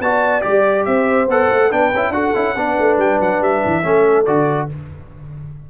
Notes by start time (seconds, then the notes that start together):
0.00 B3 F#4 D5 A5
0.41 G3 G4 D5
0.85 C4 C5 E5
1.27 B3 A4 F#5
1.50 A3
1.69 B3 D4 B4 G5
1.93 C#4 E4
2.09 D4 F#4 A4 F#5
2.34 C#4 E4
2.55 B3 D4 B4
2.79 A3
2.97 G3 G5
3.19 F#3 F#5
3.40 G3 E5
3.65 E3
3.83 A3 C#4 A4
4.25 D3 F#4 D5